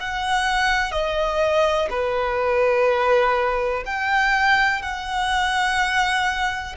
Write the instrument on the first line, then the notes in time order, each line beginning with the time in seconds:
violin
0.00 F#5
0.92 D#5
1.90 B4
3.86 G5
4.82 F#5